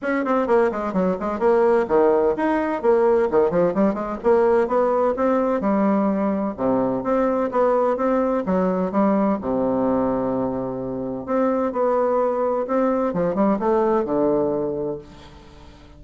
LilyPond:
\new Staff \with { instrumentName = "bassoon" } { \time 4/4 \tempo 4 = 128 cis'8 c'8 ais8 gis8 fis8 gis8 ais4 | dis4 dis'4 ais4 dis8 f8 | g8 gis8 ais4 b4 c'4 | g2 c4 c'4 |
b4 c'4 fis4 g4 | c1 | c'4 b2 c'4 | f8 g8 a4 d2 | }